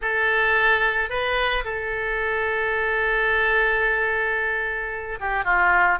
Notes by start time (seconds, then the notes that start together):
0.01 A4
1.09 B4
1.64 A4
5.20 G4
5.44 F4